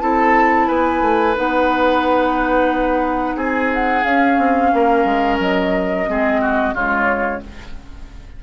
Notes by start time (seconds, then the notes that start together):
0.00 C4 E4 A4 A5
0.67 B3 B4 G#5
1.02 A3
1.35 B3 D#4 F#5
3.36 C4 G#4 G#5
3.74 F#5
4.04 C#4 F5
4.38 C4
4.73 A#3 A#4
5.05 G#3
5.39 F#3 D#5
6.07 G#3 C4 G#4
6.41 F#4
6.73 C#3 G#3 F4 C#5